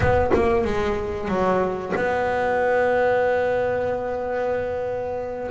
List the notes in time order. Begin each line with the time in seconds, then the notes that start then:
0.00 B3
0.34 A#3
0.64 G#3
1.28 F#3
1.96 B3